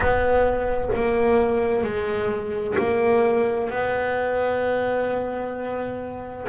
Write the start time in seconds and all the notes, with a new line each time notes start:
0.00 B3
0.95 A#3
1.83 G#3
2.77 A#3
3.70 B3